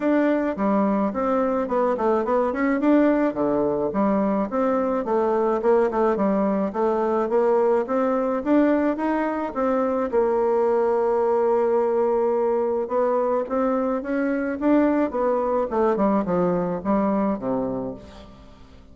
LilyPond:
\new Staff \with { instrumentName = "bassoon" } { \time 4/4 \tempo 4 = 107 d'4 g4 c'4 b8 a8 | b8 cis'8 d'4 d4 g4 | c'4 a4 ais8 a8 g4 | a4 ais4 c'4 d'4 |
dis'4 c'4 ais2~ | ais2. b4 | c'4 cis'4 d'4 b4 | a8 g8 f4 g4 c4 | }